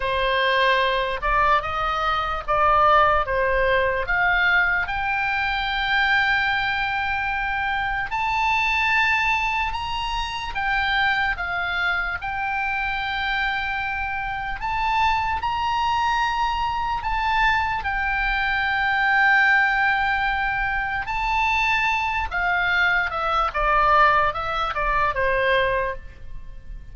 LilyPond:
\new Staff \with { instrumentName = "oboe" } { \time 4/4 \tempo 4 = 74 c''4. d''8 dis''4 d''4 | c''4 f''4 g''2~ | g''2 a''2 | ais''4 g''4 f''4 g''4~ |
g''2 a''4 ais''4~ | ais''4 a''4 g''2~ | g''2 a''4. f''8~ | f''8 e''8 d''4 e''8 d''8 c''4 | }